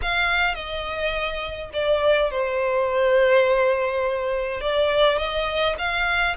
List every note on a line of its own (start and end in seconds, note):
0.02 0.55 F5
0.55 1.70 D#5
1.73 2.31 D5
2.31 4.60 C5
4.60 5.18 D5
5.18 5.75 D#5
5.78 6.36 F5